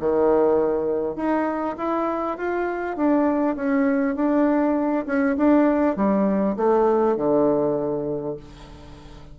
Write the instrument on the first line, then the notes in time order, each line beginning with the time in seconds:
bassoon
0.00 D#3
1.16 D#4
1.78 E4
2.38 F4
2.97 D4
3.56 C#4
4.15 D4
5.06 C#4
5.38 D4
5.96 G3
6.57 A3
7.16 D3